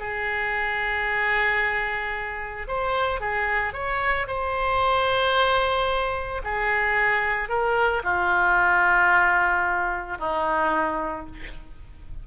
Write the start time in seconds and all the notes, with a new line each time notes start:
0.00 G#4
2.68 C5
3.21 G#4
3.74 C#5
4.28 C5
6.44 G#4
7.49 A#4
8.04 F4
10.19 D#4